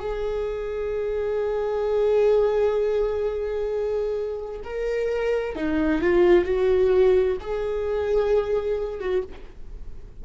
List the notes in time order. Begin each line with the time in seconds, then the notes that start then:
0.00 G#4
4.64 A#4
5.56 D#4
6.02 F4
6.45 F#4
7.41 G#4
9.00 F#4